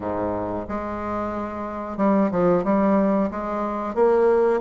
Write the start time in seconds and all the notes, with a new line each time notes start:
0.00 G#2
0.68 G#3
1.97 G3
2.31 F3
2.64 G3
3.31 G#3
3.94 A#3